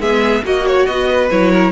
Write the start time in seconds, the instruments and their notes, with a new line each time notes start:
0.00 cello G#3, viola B3, violin G#4 E5
0.43 cello A#3, viola F#4, violin F#4 D#5
0.67 violin C#5
0.87 cello B3, violin D#5
1.10 violin B4
1.31 cello F#3, viola E4, violin C#5
1.52 violin A#4